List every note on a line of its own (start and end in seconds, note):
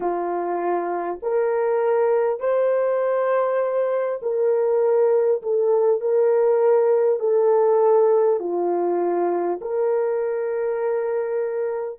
0.00 1.19 F4
1.22 2.39 A#4
2.39 4.19 C5
4.22 5.42 A#4
5.42 6.00 A4
6.00 7.19 A#4
7.19 8.39 A4
8.39 9.59 F4
9.61 11.99 A#4